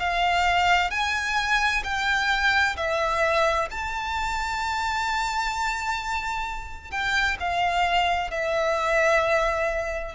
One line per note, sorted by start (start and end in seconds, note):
0.00 0.91 F5
0.91 1.83 G#5
1.84 2.77 G5
2.77 3.69 E5
3.71 6.91 A5
6.91 7.38 G5
7.40 8.31 F5
8.31 10.15 E5